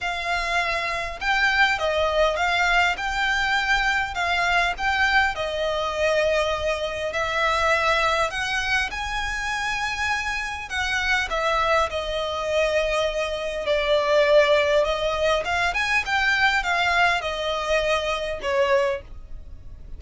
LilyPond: \new Staff \with { instrumentName = "violin" } { \time 4/4 \tempo 4 = 101 f''2 g''4 dis''4 | f''4 g''2 f''4 | g''4 dis''2. | e''2 fis''4 gis''4~ |
gis''2 fis''4 e''4 | dis''2. d''4~ | d''4 dis''4 f''8 gis''8 g''4 | f''4 dis''2 cis''4 | }